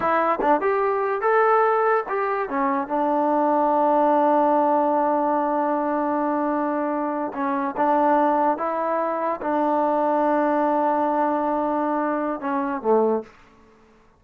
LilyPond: \new Staff \with { instrumentName = "trombone" } { \time 4/4 \tempo 4 = 145 e'4 d'8 g'4. a'4~ | a'4 g'4 cis'4 d'4~ | d'1~ | d'1~ |
d'4.~ d'16 cis'4 d'4~ d'16~ | d'8. e'2 d'4~ d'16~ | d'1~ | d'2 cis'4 a4 | }